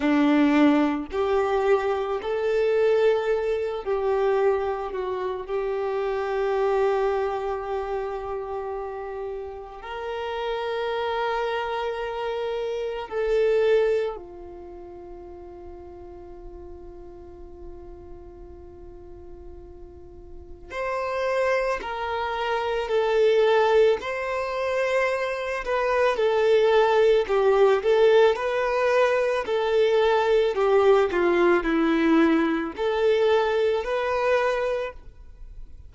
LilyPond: \new Staff \with { instrumentName = "violin" } { \time 4/4 \tempo 4 = 55 d'4 g'4 a'4. g'8~ | g'8 fis'8 g'2.~ | g'4 ais'2. | a'4 f'2.~ |
f'2. c''4 | ais'4 a'4 c''4. b'8 | a'4 g'8 a'8 b'4 a'4 | g'8 f'8 e'4 a'4 b'4 | }